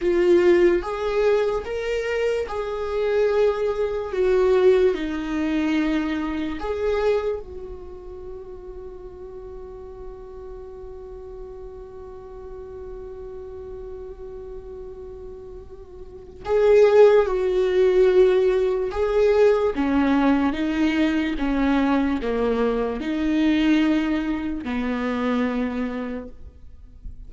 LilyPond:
\new Staff \with { instrumentName = "viola" } { \time 4/4 \tempo 4 = 73 f'4 gis'4 ais'4 gis'4~ | gis'4 fis'4 dis'2 | gis'4 fis'2.~ | fis'1~ |
fis'1 | gis'4 fis'2 gis'4 | cis'4 dis'4 cis'4 ais4 | dis'2 b2 | }